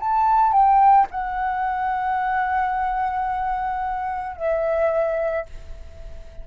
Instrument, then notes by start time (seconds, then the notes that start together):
flute
0.00 A5
0.53 G5
1.11 F#5
4.36 E5